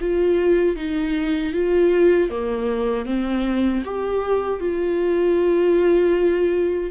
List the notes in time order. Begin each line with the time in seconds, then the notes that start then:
0.00 F4
0.76 D#4
1.53 F4
2.30 A#3
3.06 C4
3.84 G4
4.59 F4